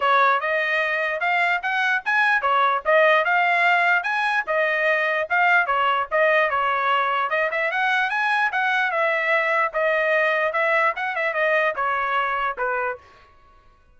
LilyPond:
\new Staff \with { instrumentName = "trumpet" } { \time 4/4 \tempo 4 = 148 cis''4 dis''2 f''4 | fis''4 gis''4 cis''4 dis''4 | f''2 gis''4 dis''4~ | dis''4 f''4 cis''4 dis''4 |
cis''2 dis''8 e''8 fis''4 | gis''4 fis''4 e''2 | dis''2 e''4 fis''8 e''8 | dis''4 cis''2 b'4 | }